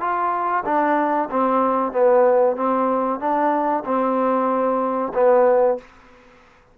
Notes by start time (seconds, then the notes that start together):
0.00 F4
0.65 D4
1.30 C4
1.92 B3
2.56 C4
3.20 D4
3.85 C4
5.14 B3